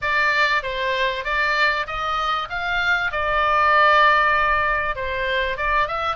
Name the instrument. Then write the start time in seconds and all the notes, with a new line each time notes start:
oboe
0.01 D5
0.62 C5
1.24 D5
1.86 D#5
2.49 F5
3.11 D5
4.95 C5
5.57 D5
5.87 E5